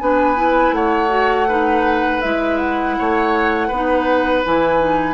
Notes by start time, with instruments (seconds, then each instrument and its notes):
0.00 bassoon B3, clarinet D4, oboe B4, flute G#5
0.36 clarinet E4
0.73 bassoon A3, oboe C#5, flute F#5
1.09 clarinet F#4
1.48 clarinet D#4, oboe B4
2.22 bassoon G#3, clarinet E4, flute E5
2.58 flute F#5
2.99 bassoon A3, oboe C#5
3.68 bassoon B3, oboe B4
3.74 clarinet D#4
4.45 bassoon E3, clarinet E4, flute G#5
4.80 clarinet D#4